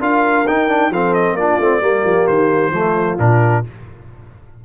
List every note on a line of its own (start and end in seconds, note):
0.00 0.46 D4
0.00 0.46 F4
0.00 0.91 A#4
0.00 0.47 F5
0.47 0.90 D#4
0.47 0.69 D#4
0.47 0.93 G5
0.69 0.92 D4
0.90 1.33 F3
0.90 1.39 C4
0.90 1.37 A4
0.90 1.14 F5
1.14 1.36 D#5
1.33 1.55 A#3
1.33 1.61 D4
1.33 1.82 F4
1.33 2.27 D5
1.59 1.81 A3
1.59 1.81 C4
1.81 2.04 G3
1.81 2.72 A#3
1.81 2.73 G4
2.04 2.27 F3
2.27 2.71 D#3
2.27 3.18 C5
2.71 3.16 F3
2.71 3.18 A3
2.71 3.64 F4
3.18 3.65 A#2
3.18 3.64 D4
3.18 3.64 A#4